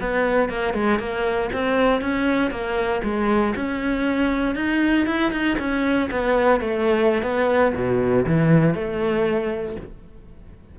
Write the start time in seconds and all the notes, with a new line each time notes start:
0.00 B3
0.49 A#3
0.73 G#3
0.99 A#3
1.52 C4
2.01 C#4
2.51 A#3
3.03 G#3
3.55 C#4
4.55 D#4
5.06 E4
5.31 D#4
5.59 C#4
6.11 B3
6.60 A3
7.22 B3
7.74 B2
8.26 E3
8.74 A3